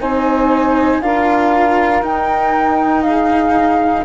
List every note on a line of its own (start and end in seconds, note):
0.00 1.00 C4
0.00 1.02 D#4
0.00 1.02 C5
0.00 1.02 G#5
1.00 2.02 D4
1.00 2.02 F4
1.00 3.04 A#4
1.00 2.03 F5
2.02 4.04 D#4
2.02 3.03 G5
3.03 4.04 G#4
3.03 4.04 F5